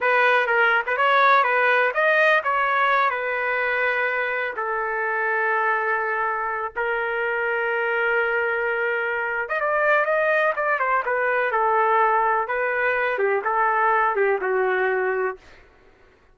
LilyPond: \new Staff \with { instrumentName = "trumpet" } { \time 4/4 \tempo 4 = 125 b'4 ais'8. b'16 cis''4 b'4 | dis''4 cis''4. b'4.~ | b'4. a'2~ a'8~ | a'2 ais'2~ |
ais'2.~ ais'8. dis''16 | d''4 dis''4 d''8 c''8 b'4 | a'2 b'4. g'8 | a'4. g'8 fis'2 | }